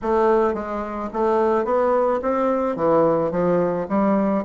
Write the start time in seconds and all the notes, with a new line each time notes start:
0.02 A3
0.54 G#3
1.13 A3
1.64 B3
2.22 C4
2.76 E3
3.31 F3
3.88 G3